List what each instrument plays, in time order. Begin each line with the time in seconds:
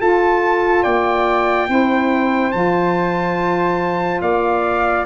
0.00 saxophone F4, tuba F4, flute A4, trumpet A5
0.83 tuba A#3, flute D5, trumpet G5
1.67 tuba C4, saxophone E4, flute C5
2.51 tuba F3, saxophone F4, trumpet A5
4.21 tuba A#3, flute D5, trumpet F5